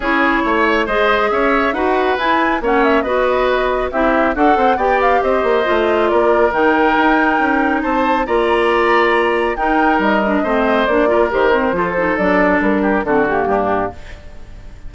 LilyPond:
<<
  \new Staff \with { instrumentName = "flute" } { \time 4/4 \tempo 4 = 138 cis''2 dis''4 e''4 | fis''4 gis''4 fis''8 e''8 dis''4~ | dis''4 e''4 fis''4 g''8 f''8 | dis''2 d''4 g''4~ |
g''2 a''4 ais''4~ | ais''2 g''4 dis''4~ | dis''4 d''4 c''2 | d''4 ais'4 a'8 g'4. | }
  \new Staff \with { instrumentName = "oboe" } { \time 4/4 gis'4 cis''4 c''4 cis''4 | b'2 cis''4 b'4~ | b'4 g'4 fis'8 c''8 d''4 | c''2 ais'2~ |
ais'2 c''4 d''4~ | d''2 ais'2 | c''4. ais'4. a'4~ | a'4. g'8 fis'4 d'4 | }
  \new Staff \with { instrumentName = "clarinet" } { \time 4/4 e'2 gis'2 | fis'4 e'4 cis'4 fis'4~ | fis'4 e'4 a'4 g'4~ | g'4 f'2 dis'4~ |
dis'2. f'4~ | f'2 dis'4. d'8 | c'4 d'8 f'8 g'8 c'8 f'8 dis'8 | d'2 c'8 ais4. | }
  \new Staff \with { instrumentName = "bassoon" } { \time 4/4 cis'4 a4 gis4 cis'4 | dis'4 e'4 ais4 b4~ | b4 c'4 d'8 c'8 b4 | c'8 ais8 a4 ais4 dis4 |
dis'4 cis'4 c'4 ais4~ | ais2 dis'4 g4 | a4 ais4 dis4 f4 | fis4 g4 d4 g,4 | }
>>